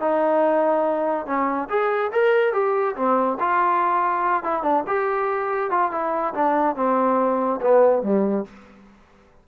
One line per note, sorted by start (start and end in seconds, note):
0.00 1.26 D#4
1.26 1.68 C#4
1.69 2.11 G#4
2.12 2.53 A#4
2.53 2.95 G4
2.96 3.38 C4
3.40 4.43 F4
4.43 4.63 E4
4.63 4.84 D4
4.87 5.70 G4
5.70 5.91 F4
5.91 6.34 E4
6.34 6.76 D4
6.76 7.60 C4
7.61 8.03 B3
8.03 8.45 G3